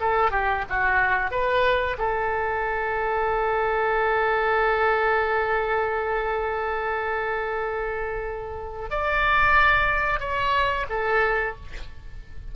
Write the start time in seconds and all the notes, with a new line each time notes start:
0.00 A4
0.31 G4
0.69 F#4
1.31 B4
1.98 A4
8.90 D5
10.20 C#5
10.89 A4